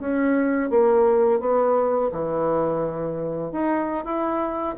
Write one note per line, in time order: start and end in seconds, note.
0.00 0.70 C#4
0.70 1.41 A#3
1.41 2.11 B3
2.12 3.52 E3
3.52 4.05 D#4
4.05 4.76 E4